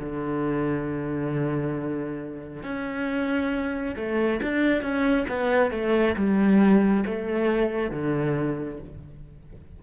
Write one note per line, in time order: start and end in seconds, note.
0.00 2.64 D3
2.64 3.96 C#4
3.97 4.41 A3
4.42 4.82 D4
4.82 5.26 C#4
5.29 5.72 B3
5.72 6.16 A3
6.16 7.05 G3
7.06 7.91 A3
7.91 8.79 D3